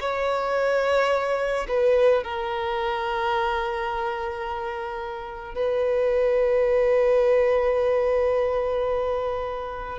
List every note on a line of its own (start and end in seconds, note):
0.00 1.67 C#5
1.68 2.23 B4
2.23 5.55 A#4
5.55 9.98 B4